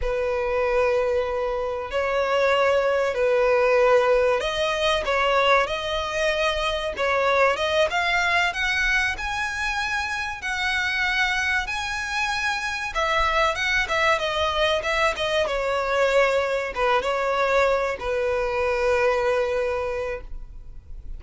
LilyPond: \new Staff \with { instrumentName = "violin" } { \time 4/4 \tempo 4 = 95 b'2. cis''4~ | cis''4 b'2 dis''4 | cis''4 dis''2 cis''4 | dis''8 f''4 fis''4 gis''4.~ |
gis''8 fis''2 gis''4.~ | gis''8 e''4 fis''8 e''8 dis''4 e''8 | dis''8 cis''2 b'8 cis''4~ | cis''8 b'2.~ b'8 | }